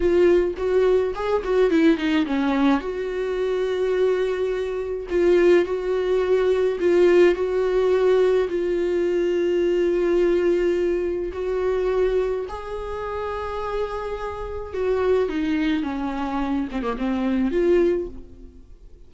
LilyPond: \new Staff \with { instrumentName = "viola" } { \time 4/4 \tempo 4 = 106 f'4 fis'4 gis'8 fis'8 e'8 dis'8 | cis'4 fis'2.~ | fis'4 f'4 fis'2 | f'4 fis'2 f'4~ |
f'1 | fis'2 gis'2~ | gis'2 fis'4 dis'4 | cis'4. c'16 ais16 c'4 f'4 | }